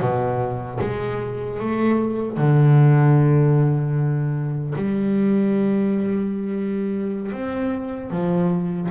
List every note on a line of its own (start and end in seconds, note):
0.00 0.79 B2
0.81 1.59 G#3
1.59 2.37 A3
2.37 4.74 D3
4.75 7.32 G3
7.32 8.10 C4
8.10 8.89 F3